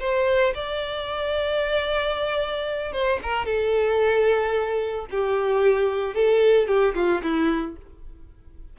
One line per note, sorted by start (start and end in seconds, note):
0.00 0.54 C5
0.54 2.92 D5
2.92 3.19 C5
3.23 3.46 A#4
3.46 5.06 A4
5.11 6.15 G4
6.15 6.68 A4
6.68 6.94 G4
6.95 7.22 F4
7.22 7.76 E4